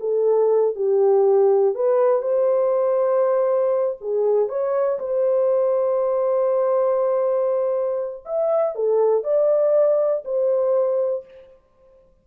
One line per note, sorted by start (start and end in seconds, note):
0.00 0.75 A4
0.75 1.75 G4
1.75 2.22 B4
2.22 3.97 C5
4.01 4.49 G#4
4.49 4.99 C#5
4.99 8.24 C5
8.25 8.75 E5
8.75 9.23 A4
9.23 10.23 D5
10.25 11.25 C5